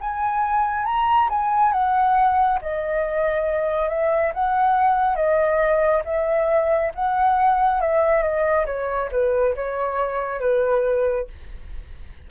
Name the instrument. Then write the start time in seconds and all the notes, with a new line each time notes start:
flute
0.00 G#5
0.85 A#5
1.30 G#5
1.72 F#5
2.62 D#5
3.89 E5
4.34 F#5
5.15 D#5
6.05 E5
6.94 F#5
7.81 E5
8.22 D#5
8.66 C#5
9.11 B4
9.55 C#5
10.40 B4